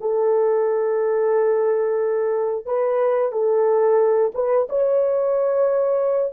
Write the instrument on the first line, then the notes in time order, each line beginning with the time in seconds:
horn
0.00 A4
2.65 B4
3.32 A4
4.34 B4
4.69 C#5